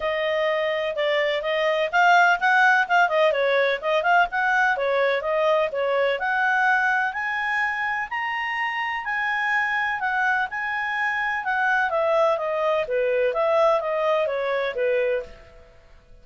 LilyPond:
\new Staff \with { instrumentName = "clarinet" } { \time 4/4 \tempo 4 = 126 dis''2 d''4 dis''4 | f''4 fis''4 f''8 dis''8 cis''4 | dis''8 f''8 fis''4 cis''4 dis''4 | cis''4 fis''2 gis''4~ |
gis''4 ais''2 gis''4~ | gis''4 fis''4 gis''2 | fis''4 e''4 dis''4 b'4 | e''4 dis''4 cis''4 b'4 | }